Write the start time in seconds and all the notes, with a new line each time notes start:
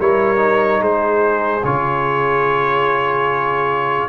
0.00 G3 E4 A#4 C#5
0.38 D#4
0.82 G#3 G#4 C5
1.65 C#3 F4 C#5